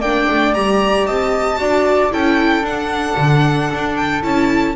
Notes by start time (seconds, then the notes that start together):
0.00 A#3 D4 D5 G5
0.30 A3
0.54 G3 G4 A#5
1.06 C4 D#5 A5
1.58 D4 F#4 D5
2.11 C#4 E4 A4 G5
2.62 D4 F#5
3.17 D3
3.74 D4
3.96 G5
4.22 C#4 E4 A5